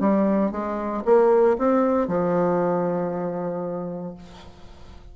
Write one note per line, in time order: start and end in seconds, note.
0.00 0.52 G3
0.52 1.03 G#3
1.05 1.57 A#3
1.58 2.08 C4
2.08 4.15 F3